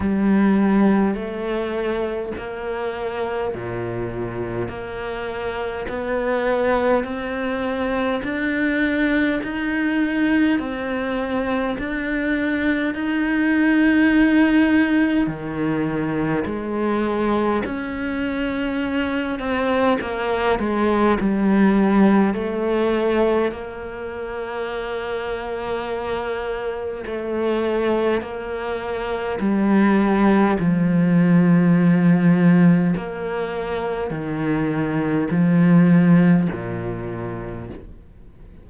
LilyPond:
\new Staff \with { instrumentName = "cello" } { \time 4/4 \tempo 4 = 51 g4 a4 ais4 ais,4 | ais4 b4 c'4 d'4 | dis'4 c'4 d'4 dis'4~ | dis'4 dis4 gis4 cis'4~ |
cis'8 c'8 ais8 gis8 g4 a4 | ais2. a4 | ais4 g4 f2 | ais4 dis4 f4 ais,4 | }